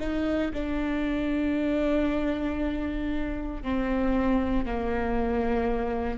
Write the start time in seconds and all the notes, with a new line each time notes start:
0.00 D#4
0.53 D4
3.63 C4
4.66 A#3